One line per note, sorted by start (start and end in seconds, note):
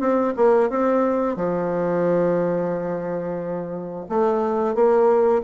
0.00 0.34 C4
0.36 0.70 A#3
0.70 1.36 C4
1.36 4.06 F3
4.09 4.75 A3
4.75 5.42 A#3